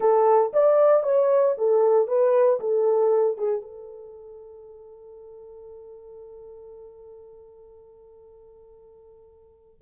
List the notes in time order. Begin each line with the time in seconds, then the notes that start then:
0.00 A4
0.53 D5
1.03 C#5
1.57 A4
2.07 B4
2.60 A4
3.37 G#4
3.61 A4